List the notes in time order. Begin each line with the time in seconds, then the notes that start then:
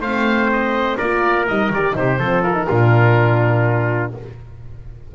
0.00 A3 C4 C5 F5
0.52 D#5
0.97 A#3 F4 A#4 D5
1.46 G3 D#4 D#5
1.69 D#3 G4 D5
1.93 C3 D#4 G4 C5
2.19 F3 C4 A4
2.42 F4 A#4
2.53 D#4
2.68 A#2 D4 F4